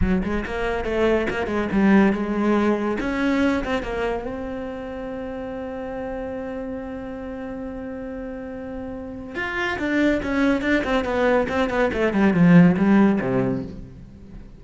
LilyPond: \new Staff \with { instrumentName = "cello" } { \time 4/4 \tempo 4 = 141 fis8 gis8 ais4 a4 ais8 gis8 | g4 gis2 cis'4~ | cis'8 c'8 ais4 c'2~ | c'1~ |
c'1~ | c'2 f'4 d'4 | cis'4 d'8 c'8 b4 c'8 b8 | a8 g8 f4 g4 c4 | }